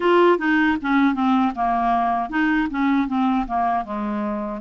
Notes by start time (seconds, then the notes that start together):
0.00 F4
0.38 D#4
0.81 C#4
1.14 C4
1.55 A#3
2.29 D#4
2.70 C#4
3.07 C4
3.47 A#3
3.84 G#3